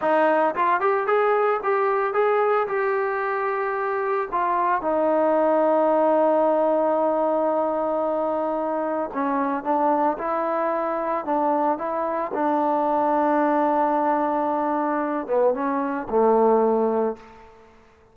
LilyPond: \new Staff \with { instrumentName = "trombone" } { \time 4/4 \tempo 4 = 112 dis'4 f'8 g'8 gis'4 g'4 | gis'4 g'2. | f'4 dis'2.~ | dis'1~ |
dis'4 cis'4 d'4 e'4~ | e'4 d'4 e'4 d'4~ | d'1~ | d'8 b8 cis'4 a2 | }